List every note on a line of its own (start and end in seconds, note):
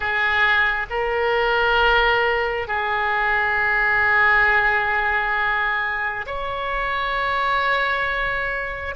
0.00 0.86 G#4
0.90 2.67 A#4
2.67 6.25 G#4
6.26 8.95 C#5